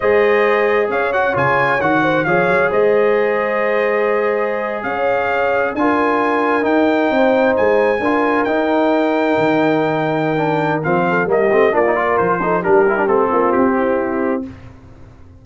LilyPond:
<<
  \new Staff \with { instrumentName = "trumpet" } { \time 4/4 \tempo 4 = 133 dis''2 f''8 fis''8 gis''4 | fis''4 f''4 dis''2~ | dis''2~ dis''8. f''4~ f''16~ | f''8. gis''2 g''4~ g''16~ |
g''8. gis''2 g''4~ g''16~ | g''1 | f''4 dis''4 d''4 c''4 | ais'4 a'4 g'2 | }
  \new Staff \with { instrumentName = "horn" } { \time 4/4 c''2 cis''2~ | cis''8 c''8 cis''4 c''2~ | c''2~ c''8. cis''4~ cis''16~ | cis''8. ais'2. c''16~ |
c''4.~ c''16 ais'2~ ais'16~ | ais'1~ | ais'8 a'8 g'4 f'8 ais'4 a'8 | g'4. f'4 e'4. | }
  \new Staff \with { instrumentName = "trombone" } { \time 4/4 gis'2~ gis'8 fis'8 f'4 | fis'4 gis'2.~ | gis'1~ | gis'8. f'2 dis'4~ dis'16~ |
dis'4.~ dis'16 f'4 dis'4~ dis'16~ | dis'2. d'4 | c'4 ais8 c'8 d'16 dis'16 f'4 dis'8 | d'8 e'16 d'16 c'2. | }
  \new Staff \with { instrumentName = "tuba" } { \time 4/4 gis2 cis'4 cis4 | dis4 f8 fis8 gis2~ | gis2~ gis8. cis'4~ cis'16~ | cis'8. d'2 dis'4 c'16~ |
c'8. gis4 d'4 dis'4~ dis'16~ | dis'8. dis2.~ dis16 | f4 g8 a8 ais4 f4 | g4 a8 ais8 c'2 | }
>>